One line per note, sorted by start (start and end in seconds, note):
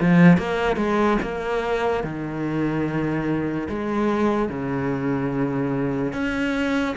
0.00 0.37 F3
0.37 0.76 A#3
0.76 1.17 G#3
1.22 2.04 A#3
2.04 3.68 D#3
3.69 4.49 G#3
4.49 6.13 C#3
6.13 6.95 C#4